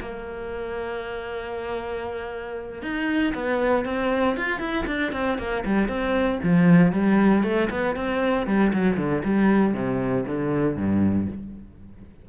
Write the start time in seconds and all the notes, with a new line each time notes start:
0.00 A#3
2.82 D#4
3.34 B3
3.85 C4
4.37 F4
4.59 E4
4.86 D4
5.12 C4
5.38 A#3
5.65 G3
5.88 C4
6.43 F3
6.92 G3
7.43 A3
7.70 B3
7.95 C4
8.46 G3
8.73 F#3
8.97 D3
9.24 G3
9.74 C3
10.26 D3
10.76 G2